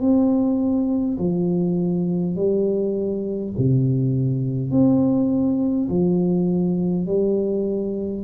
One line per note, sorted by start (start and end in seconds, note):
0.00 1.18 C4
1.18 2.36 F3
2.36 3.53 G3
3.58 4.71 C3
4.71 5.89 C4
5.89 7.06 F3
7.06 8.24 G3